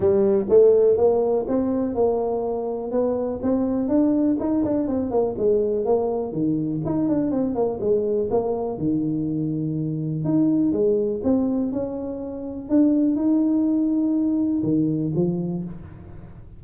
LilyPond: \new Staff \with { instrumentName = "tuba" } { \time 4/4 \tempo 4 = 123 g4 a4 ais4 c'4 | ais2 b4 c'4 | d'4 dis'8 d'8 c'8 ais8 gis4 | ais4 dis4 dis'8 d'8 c'8 ais8 |
gis4 ais4 dis2~ | dis4 dis'4 gis4 c'4 | cis'2 d'4 dis'4~ | dis'2 dis4 f4 | }